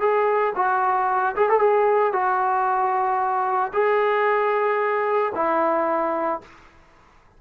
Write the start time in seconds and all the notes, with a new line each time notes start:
0.00 G#4
0.56 F#4
1.36 G#4
1.49 A4
1.60 G#4
2.13 F#4
3.73 G#4
5.35 E4